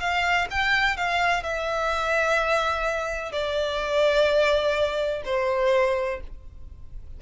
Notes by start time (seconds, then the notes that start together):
0.00 F5
0.51 G5
0.97 F5
1.43 E5
3.32 D5
5.25 C5